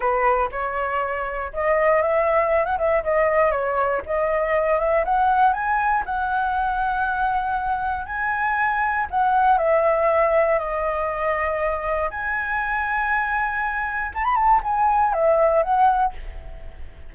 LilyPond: \new Staff \with { instrumentName = "flute" } { \time 4/4 \tempo 4 = 119 b'4 cis''2 dis''4 | e''4~ e''16 fis''16 e''8 dis''4 cis''4 | dis''4. e''8 fis''4 gis''4 | fis''1 |
gis''2 fis''4 e''4~ | e''4 dis''2. | gis''1 | a''16 b''16 a''8 gis''4 e''4 fis''4 | }